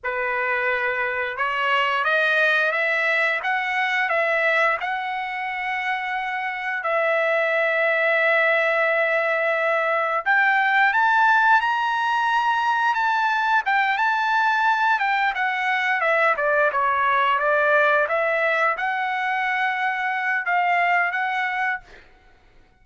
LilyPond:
\new Staff \with { instrumentName = "trumpet" } { \time 4/4 \tempo 4 = 88 b'2 cis''4 dis''4 | e''4 fis''4 e''4 fis''4~ | fis''2 e''2~ | e''2. g''4 |
a''4 ais''2 a''4 | g''8 a''4. g''8 fis''4 e''8 | d''8 cis''4 d''4 e''4 fis''8~ | fis''2 f''4 fis''4 | }